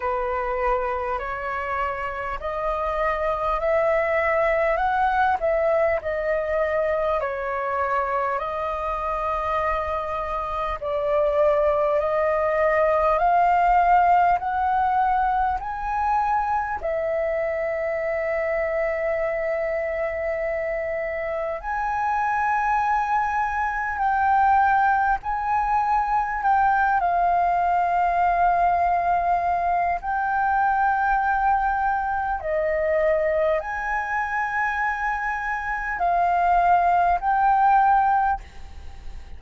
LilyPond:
\new Staff \with { instrumentName = "flute" } { \time 4/4 \tempo 4 = 50 b'4 cis''4 dis''4 e''4 | fis''8 e''8 dis''4 cis''4 dis''4~ | dis''4 d''4 dis''4 f''4 | fis''4 gis''4 e''2~ |
e''2 gis''2 | g''4 gis''4 g''8 f''4.~ | f''4 g''2 dis''4 | gis''2 f''4 g''4 | }